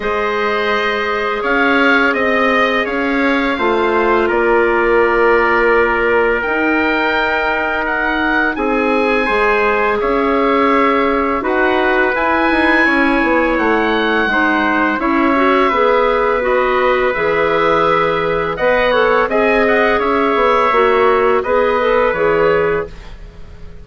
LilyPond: <<
  \new Staff \with { instrumentName = "oboe" } { \time 4/4 \tempo 4 = 84 dis''2 f''4 dis''4 | f''2 d''2~ | d''4 g''2 fis''4 | gis''2 e''2 |
fis''4 gis''2 fis''4~ | fis''4 e''2 dis''4 | e''2 fis''4 gis''8 fis''8 | e''2 dis''4 cis''4 | }
  \new Staff \with { instrumentName = "trumpet" } { \time 4/4 c''2 cis''4 dis''4 | cis''4 c''4 ais'2~ | ais'1 | gis'4 c''4 cis''2 |
b'2 cis''2 | c''4 cis''4 b'2~ | b'2 dis''8 cis''8 dis''4 | cis''2 b'2 | }
  \new Staff \with { instrumentName = "clarinet" } { \time 4/4 gis'1~ | gis'4 f'2.~ | f'4 dis'2.~ | dis'4 gis'2. |
fis'4 e'2. | dis'4 e'8 fis'8 gis'4 fis'4 | gis'2 b'8 a'8 gis'4~ | gis'4 fis'4 gis'8 a'8 gis'4 | }
  \new Staff \with { instrumentName = "bassoon" } { \time 4/4 gis2 cis'4 c'4 | cis'4 a4 ais2~ | ais4 dis'2. | c'4 gis4 cis'2 |
dis'4 e'8 dis'8 cis'8 b8 a4 | gis4 cis'4 b2 | e2 b4 c'4 | cis'8 b8 ais4 b4 e4 | }
>>